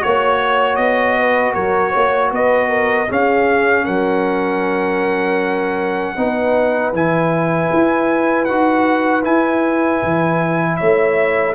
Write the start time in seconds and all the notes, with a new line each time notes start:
0.00 A#3 F#4 C#5
0.76 B3 D#5
1.19 B4
1.54 F#3 A#4 C#5
1.90 A#3 C#5
2.31 B3 B4 D#5
2.69 A#4
3.09 C#4 G#4 F5
3.84 F#3 A#4 F#5
6.15 B3 D#4 B4
6.92 E3 E4 G#5
7.73 E4
8.45 D#4 F#4 F#5
9.23 E4 G#5
10.03 E3
10.76 A3 C#5 E5